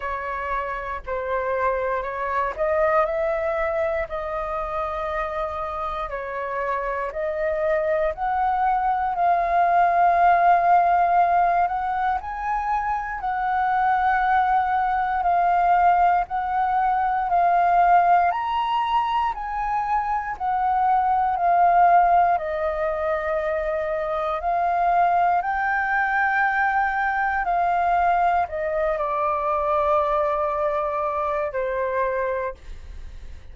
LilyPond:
\new Staff \with { instrumentName = "flute" } { \time 4/4 \tempo 4 = 59 cis''4 c''4 cis''8 dis''8 e''4 | dis''2 cis''4 dis''4 | fis''4 f''2~ f''8 fis''8 | gis''4 fis''2 f''4 |
fis''4 f''4 ais''4 gis''4 | fis''4 f''4 dis''2 | f''4 g''2 f''4 | dis''8 d''2~ d''8 c''4 | }